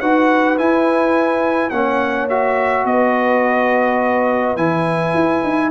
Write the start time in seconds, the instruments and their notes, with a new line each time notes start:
0.00 tuba D#4, trombone F#4, horn B4, trumpet F#5
0.57 trombone E4, tuba E4, trumpet G#5
1.70 tuba A#3, trombone C#4, horn C#5, trumpet F#5
2.29 trombone F#4, trumpet E5
2.85 tuba B3, horn B4, trumpet D#5
4.56 tuba E3, trombone E4, trumpet G#5
5.14 tuba E4
5.44 tuba D#4